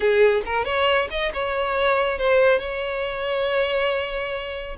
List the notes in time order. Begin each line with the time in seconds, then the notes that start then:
0.00 G#4
0.45 A#4
0.64 C#5
1.10 D#5
1.33 C#5
2.18 C5
2.59 C#5